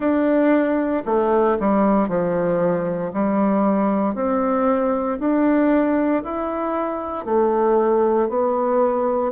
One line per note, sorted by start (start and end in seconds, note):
0.00 1.03 D4
1.05 1.57 A3
1.59 2.08 G3
2.08 3.12 F3
3.13 4.14 G3
4.14 5.18 C4
5.19 6.23 D4
6.23 7.25 E4
7.25 8.28 A3
8.28 9.32 B3